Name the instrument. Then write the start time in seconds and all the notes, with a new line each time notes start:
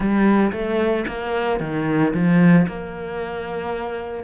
cello
0.00 G3
0.52 A3
1.07 A#3
1.60 D#3
2.13 F3
2.67 A#3